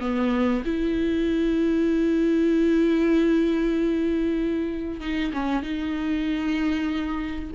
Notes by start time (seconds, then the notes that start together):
0.00 B3
0.65 E4
5.00 D#4
5.33 C#4
5.62 D#4